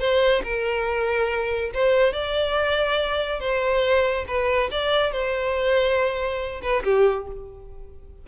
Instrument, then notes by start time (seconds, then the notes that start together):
violin
0.00 C5
0.44 A#4
1.74 C5
2.13 D5
3.40 C5
4.28 B4
4.72 D5
5.13 C5
6.62 B4
6.85 G4